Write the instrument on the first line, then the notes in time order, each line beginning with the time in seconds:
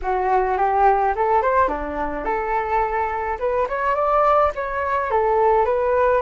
flute
0.02 F#4
0.57 G4
1.15 A4
1.42 C5
1.68 D4
2.25 A4
3.39 B4
3.68 C#5
3.95 D5
4.55 C#5
5.10 A4
5.65 B4